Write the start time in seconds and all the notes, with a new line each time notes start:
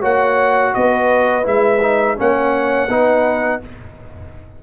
0.00 A#3 F#4 C#5 F#5
0.74 B3 B4 D#5
1.43 G#3 E4 E5
1.81 D#4
2.17 A#3 C#4 C#5 F#5
2.88 B3 D#4 B4